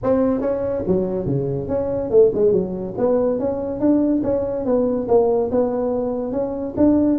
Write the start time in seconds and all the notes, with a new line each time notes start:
0.03 C4
0.41 C#4
0.87 F#3
1.25 C#3
1.68 C#4
2.10 A3
2.34 G#3
2.52 F#3
2.97 B3
3.39 C#4
3.80 D4
4.23 C#4
4.65 B3
5.08 A#3
5.51 B3
6.32 C#4
6.76 D4